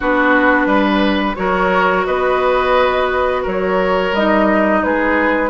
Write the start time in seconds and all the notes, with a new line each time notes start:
0.00 B3 D4 F#4 B4
0.66 G3 B4
1.35 F#3 F#4 A#4 C#5
2.05 B3 B4 D#5
3.42 F#3 A#4 C#5
4.12 G3 D#4 D#5
4.83 G#3 G#4 B4